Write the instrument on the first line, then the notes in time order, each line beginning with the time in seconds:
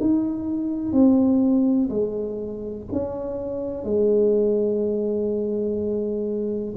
tuba
0.00 D#4
0.92 C4
1.89 G#3
2.92 C#4
3.84 G#3